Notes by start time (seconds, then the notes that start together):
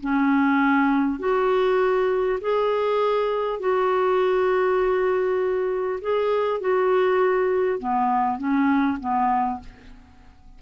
0.00 C#4
1.19 F#4
2.40 G#4
3.59 F#4
6.01 G#4
6.60 F#4
7.78 B3
8.38 C#4
8.99 B3